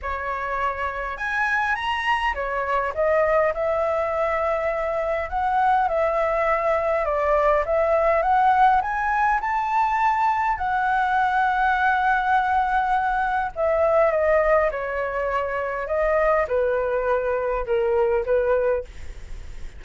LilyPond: \new Staff \with { instrumentName = "flute" } { \time 4/4 \tempo 4 = 102 cis''2 gis''4 ais''4 | cis''4 dis''4 e''2~ | e''4 fis''4 e''2 | d''4 e''4 fis''4 gis''4 |
a''2 fis''2~ | fis''2. e''4 | dis''4 cis''2 dis''4 | b'2 ais'4 b'4 | }